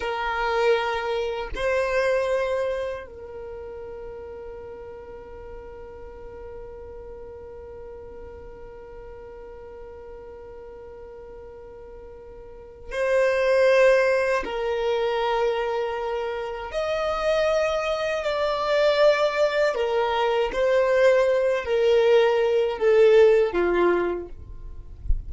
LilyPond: \new Staff \with { instrumentName = "violin" } { \time 4/4 \tempo 4 = 79 ais'2 c''2 | ais'1~ | ais'1~ | ais'1~ |
ais'4 c''2 ais'4~ | ais'2 dis''2 | d''2 ais'4 c''4~ | c''8 ais'4. a'4 f'4 | }